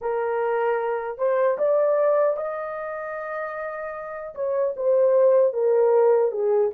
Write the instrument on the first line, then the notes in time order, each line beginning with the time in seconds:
horn
0.01 A#4
1.18 C5
1.58 D5
2.36 D#5
4.35 C#5
4.76 C5
5.53 A#4
6.31 G#4